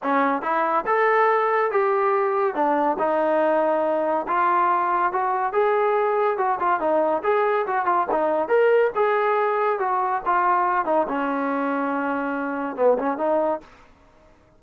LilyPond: \new Staff \with { instrumentName = "trombone" } { \time 4/4 \tempo 4 = 141 cis'4 e'4 a'2 | g'2 d'4 dis'4~ | dis'2 f'2 | fis'4 gis'2 fis'8 f'8 |
dis'4 gis'4 fis'8 f'8 dis'4 | ais'4 gis'2 fis'4 | f'4. dis'8 cis'2~ | cis'2 b8 cis'8 dis'4 | }